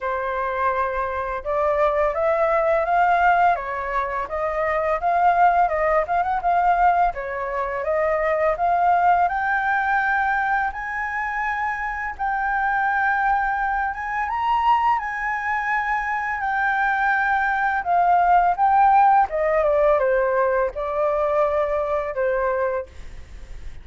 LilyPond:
\new Staff \with { instrumentName = "flute" } { \time 4/4 \tempo 4 = 84 c''2 d''4 e''4 | f''4 cis''4 dis''4 f''4 | dis''8 f''16 fis''16 f''4 cis''4 dis''4 | f''4 g''2 gis''4~ |
gis''4 g''2~ g''8 gis''8 | ais''4 gis''2 g''4~ | g''4 f''4 g''4 dis''8 d''8 | c''4 d''2 c''4 | }